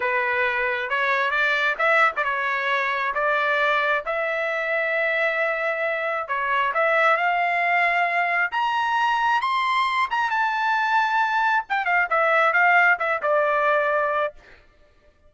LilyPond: \new Staff \with { instrumentName = "trumpet" } { \time 4/4 \tempo 4 = 134 b'2 cis''4 d''4 | e''8. d''16 cis''2 d''4~ | d''4 e''2.~ | e''2 cis''4 e''4 |
f''2. ais''4~ | ais''4 c'''4. ais''8 a''4~ | a''2 g''8 f''8 e''4 | f''4 e''8 d''2~ d''8 | }